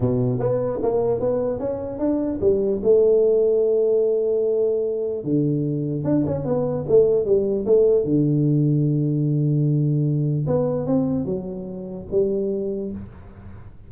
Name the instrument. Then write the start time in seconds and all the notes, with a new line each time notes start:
tuba
0.00 B2
0.39 B3
0.82 A#3
1.20 B3
1.59 C#4
1.98 D4
2.41 G3
2.83 A3
5.24 D3
6.04 D4
6.26 C#4
6.44 B3
6.88 A3
7.25 G3
7.66 A3
8.04 D3
10.46 B3
10.86 C4
11.25 F#3
12.11 G3